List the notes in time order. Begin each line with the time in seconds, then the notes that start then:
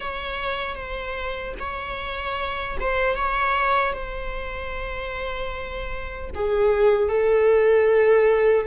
0.00 C#5
0.75 C5
1.59 C#5
2.80 C5
3.15 C#5
3.93 C5
6.34 G#4
7.08 A4